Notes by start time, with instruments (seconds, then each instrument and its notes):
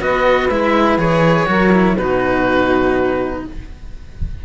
0.00 cello B3 F#4, saxophone B4, oboe D#5
0.49 cello G#3 E4, oboe E5
0.97 cello E3 G#4, oboe C#5
1.46 cello F#3 F#4, saxophone A#4
1.72 cello E4
1.97 cello B2 D#4, saxophone F#4, oboe B4